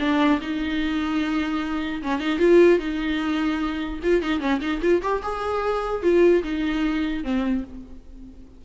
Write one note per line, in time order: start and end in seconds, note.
0.00 0.40 D4
0.42 2.03 D#4
2.03 2.20 C#4
2.20 2.39 D#4
2.39 2.79 F4
2.79 4.00 D#4
4.03 4.22 F4
4.22 4.41 D#4
4.41 4.61 C#4
4.61 4.81 D#4
4.82 5.02 F4
5.03 5.23 G4
5.23 6.03 G#4
6.03 6.43 F4
6.44 7.24 D#4
7.24 7.64 C4